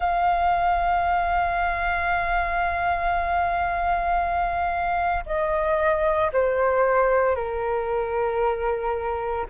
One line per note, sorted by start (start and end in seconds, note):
0.00 5.23 F5
5.25 6.31 D#5
6.33 7.35 C5
7.35 9.45 A#4